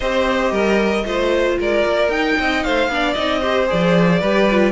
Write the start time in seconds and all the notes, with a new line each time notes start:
0.00 C4 G4 C5 D#5
0.51 G3 A#4
1.04 A3 F4 C5
1.59 G#3 A#4 D5
1.86 A#3
2.08 D#4 G5
2.39 C4 D#5
2.63 A3 C5 F5
2.88 B3 D4 D5
3.13 C4 D#4 D#5
3.40 G4 C5
3.67 F3 G#4 D5
4.19 G3 G4 B4
4.50 F4